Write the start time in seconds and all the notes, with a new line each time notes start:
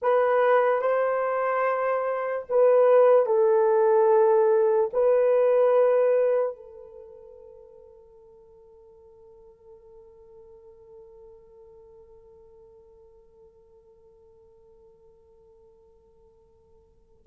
0.02 B4
0.81 C5
2.49 B4
3.26 A4
4.93 B4
6.56 A4